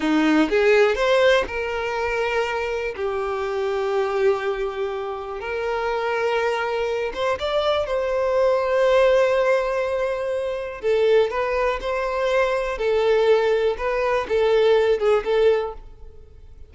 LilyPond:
\new Staff \with { instrumentName = "violin" } { \time 4/4 \tempo 4 = 122 dis'4 gis'4 c''4 ais'4~ | ais'2 g'2~ | g'2. ais'4~ | ais'2~ ais'8 c''8 d''4 |
c''1~ | c''2 a'4 b'4 | c''2 a'2 | b'4 a'4. gis'8 a'4 | }